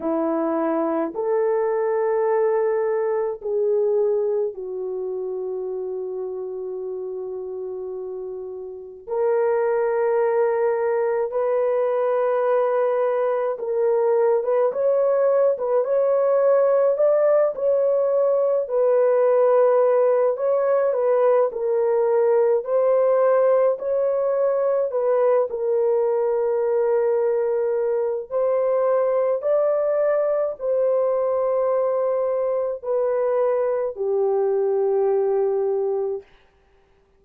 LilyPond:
\new Staff \with { instrumentName = "horn" } { \time 4/4 \tempo 4 = 53 e'4 a'2 gis'4 | fis'1 | ais'2 b'2 | ais'8. b'16 cis''8. b'16 cis''4 d''8 cis''8~ |
cis''8 b'4. cis''8 b'8 ais'4 | c''4 cis''4 b'8 ais'4.~ | ais'4 c''4 d''4 c''4~ | c''4 b'4 g'2 | }